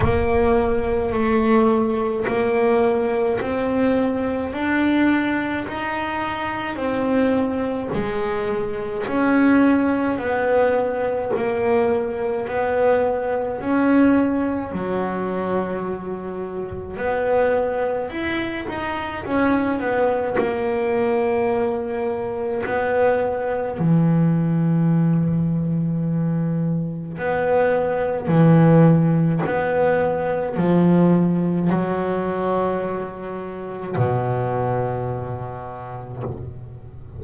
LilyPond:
\new Staff \with { instrumentName = "double bass" } { \time 4/4 \tempo 4 = 53 ais4 a4 ais4 c'4 | d'4 dis'4 c'4 gis4 | cis'4 b4 ais4 b4 | cis'4 fis2 b4 |
e'8 dis'8 cis'8 b8 ais2 | b4 e2. | b4 e4 b4 f4 | fis2 b,2 | }